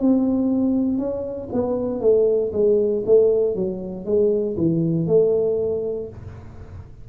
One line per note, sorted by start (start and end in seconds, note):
0.00 0.98 C4
0.98 1.49 C#4
1.53 2.01 B3
2.01 2.51 A3
2.52 3.03 G#3
3.06 3.55 A3
3.55 4.05 F#3
4.05 4.56 G#3
4.57 5.07 E3
5.07 6.09 A3